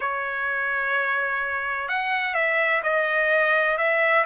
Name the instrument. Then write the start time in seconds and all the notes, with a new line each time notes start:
trumpet
0.00 C#5
1.88 F#5
2.34 E5
2.83 D#5
3.77 E5